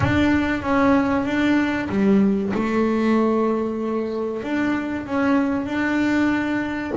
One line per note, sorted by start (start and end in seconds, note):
0.00 0.62 D4
0.62 1.25 C#4
1.25 1.88 D4
1.89 2.52 G3
2.53 4.42 A3
4.42 5.06 D4
5.06 5.66 C#4
5.66 6.92 D4